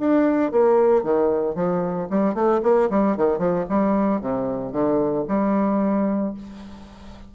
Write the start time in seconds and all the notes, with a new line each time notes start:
0.00 D4
0.52 A#3
1.04 D#3
1.56 F3
2.10 G3
2.35 A3
2.63 A#3
2.90 G3
3.17 D#3
3.39 F3
3.70 G3
4.21 C3
4.73 D3
5.28 G3